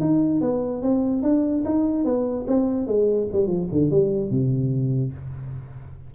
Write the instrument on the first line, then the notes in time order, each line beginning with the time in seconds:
tuba
0.00 D#4
0.41 B3
0.82 C4
1.22 D4
1.65 D#4
2.04 B3
2.47 C4
2.87 G#3
3.32 G3
3.47 F3
3.72 D3
3.90 G3
4.31 C3